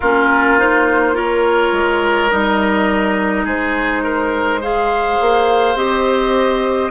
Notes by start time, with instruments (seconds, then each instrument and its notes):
0.00 bassoon A#3, clarinet C#4, oboe F4, flute A#4
0.58 clarinet D#4, flute C5
1.13 clarinet F4, oboe A#4, flute C#5
1.72 bassoon G#3
2.30 bassoon G3, clarinet D#4, flute D#5
3.44 bassoon G#3, oboe G#4, flute C5
4.03 oboe A#4
4.60 clarinet G#4, oboe C5, flute F5
5.20 bassoon A#3
5.75 bassoon C4, clarinet G4, flute D#5